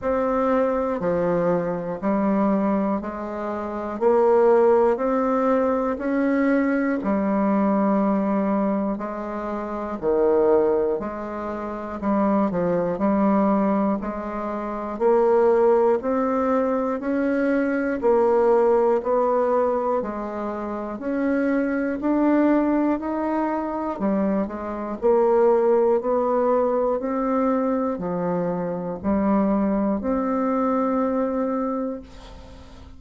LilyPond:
\new Staff \with { instrumentName = "bassoon" } { \time 4/4 \tempo 4 = 60 c'4 f4 g4 gis4 | ais4 c'4 cis'4 g4~ | g4 gis4 dis4 gis4 | g8 f8 g4 gis4 ais4 |
c'4 cis'4 ais4 b4 | gis4 cis'4 d'4 dis'4 | g8 gis8 ais4 b4 c'4 | f4 g4 c'2 | }